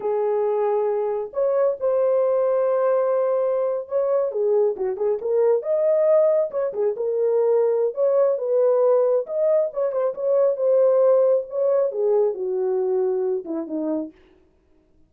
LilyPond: \new Staff \with { instrumentName = "horn" } { \time 4/4 \tempo 4 = 136 gis'2. cis''4 | c''1~ | c''8. cis''4 gis'4 fis'8 gis'8 ais'16~ | ais'8. dis''2 cis''8 gis'8 ais'16~ |
ais'2 cis''4 b'4~ | b'4 dis''4 cis''8 c''8 cis''4 | c''2 cis''4 gis'4 | fis'2~ fis'8 e'8 dis'4 | }